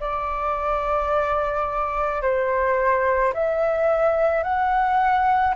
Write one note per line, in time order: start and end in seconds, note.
0.00 2.22 D5
2.22 3.33 C5
3.34 4.43 E5
4.43 5.55 F#5